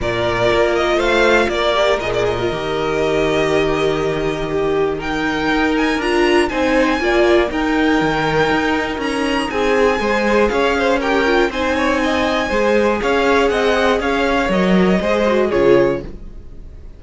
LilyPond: <<
  \new Staff \with { instrumentName = "violin" } { \time 4/4 \tempo 4 = 120 d''4. dis''8 f''4 d''4 | dis''16 d''16 dis''2.~ dis''8~ | dis''2 g''4. gis''8 | ais''4 gis''2 g''4~ |
g''2 ais''4 gis''4~ | gis''4 f''4 g''4 gis''4~ | gis''2 f''4 fis''4 | f''4 dis''2 cis''4 | }
  \new Staff \with { instrumentName = "violin" } { \time 4/4 ais'2 c''4 ais'4~ | ais'1~ | ais'4 g'4 ais'2~ | ais'4 c''4 d''4 ais'4~ |
ais'2. gis'4 | c''4 cis''8 c''8 ais'4 c''8 cis''8 | dis''4 c''4 cis''4 dis''4 | cis''2 c''4 gis'4 | }
  \new Staff \with { instrumentName = "viola" } { \time 4/4 f'2.~ f'8 g'8 | gis'8. f'16 g'2.~ | g'2 dis'2 | f'4 dis'4 f'4 dis'4~ |
dis'1 | gis'2 g'8 f'8 dis'4~ | dis'4 gis'2.~ | gis'4 ais'4 gis'8 fis'8 f'4 | }
  \new Staff \with { instrumentName = "cello" } { \time 4/4 ais,4 ais4 a4 ais4 | ais,4 dis2.~ | dis2. dis'4 | d'4 c'4 ais4 dis'4 |
dis4 dis'4 cis'4 c'4 | gis4 cis'2 c'4~ | c'4 gis4 cis'4 c'4 | cis'4 fis4 gis4 cis4 | }
>>